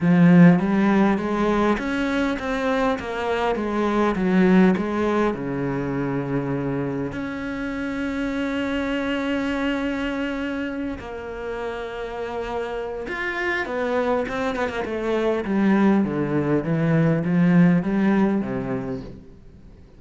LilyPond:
\new Staff \with { instrumentName = "cello" } { \time 4/4 \tempo 4 = 101 f4 g4 gis4 cis'4 | c'4 ais4 gis4 fis4 | gis4 cis2. | cis'1~ |
cis'2~ cis'8 ais4.~ | ais2 f'4 b4 | c'8 b16 ais16 a4 g4 d4 | e4 f4 g4 c4 | }